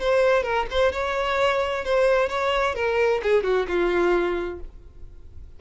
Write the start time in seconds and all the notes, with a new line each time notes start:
0.00 C5
0.43 A#4
0.71 C5
0.92 C#5
1.85 C5
2.29 C#5
2.75 A#4
3.23 G#4
3.44 F#4
3.68 F4